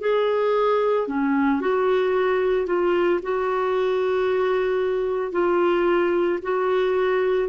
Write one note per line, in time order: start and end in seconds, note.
0.00 1.07 G#4
1.07 1.61 C#4
1.61 2.66 F#4
2.66 3.19 F4
3.22 5.32 F#4
5.32 6.39 F4
6.42 7.49 F#4